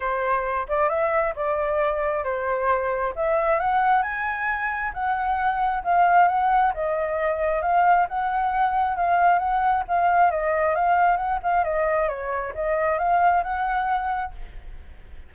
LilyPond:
\new Staff \with { instrumentName = "flute" } { \time 4/4 \tempo 4 = 134 c''4. d''8 e''4 d''4~ | d''4 c''2 e''4 | fis''4 gis''2 fis''4~ | fis''4 f''4 fis''4 dis''4~ |
dis''4 f''4 fis''2 | f''4 fis''4 f''4 dis''4 | f''4 fis''8 f''8 dis''4 cis''4 | dis''4 f''4 fis''2 | }